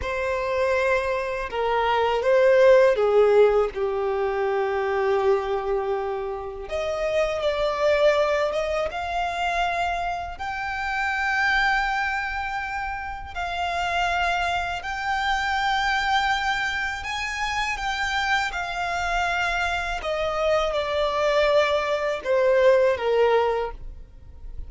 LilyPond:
\new Staff \with { instrumentName = "violin" } { \time 4/4 \tempo 4 = 81 c''2 ais'4 c''4 | gis'4 g'2.~ | g'4 dis''4 d''4. dis''8 | f''2 g''2~ |
g''2 f''2 | g''2. gis''4 | g''4 f''2 dis''4 | d''2 c''4 ais'4 | }